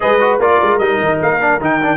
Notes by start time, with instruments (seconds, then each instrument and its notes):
0.00 tuba G#3, trombone G#4, horn B4, trumpet D#5
0.20 trombone F#4
0.38 tuba A#3, trombone F4, horn A#4, trumpet D5
0.61 tuba G#3
0.78 tuba G3, trombone D#4, trumpet D#5
0.99 tuba D#3
1.21 tuba A#3, trumpet F5
1.40 trombone D4
1.60 tuba D#3, trombone D#4, trumpet G5
1.82 trombone D4